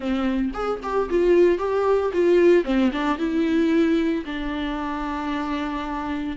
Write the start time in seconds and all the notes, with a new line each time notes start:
0.00 C4
0.53 G#4
0.82 G4
1.09 F4
1.58 G4
2.13 F4
2.64 C4
2.92 D4
3.18 E4
4.25 D4